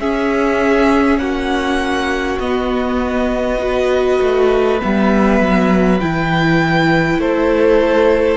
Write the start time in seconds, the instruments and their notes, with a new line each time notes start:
0.00 viola C#4, cello C#4, violin G#4 E5
1.18 cello A#3, violin F#4 F#5
2.39 cello B3, viola B3, violin D#5
3.59 viola F#4, violin B4
4.21 cello A3
4.79 cello G3, viola B3, violin E5
5.40 cello F#3
6.00 cello E3, viola E4, violin G5
7.18 cello A3, violin A4 C5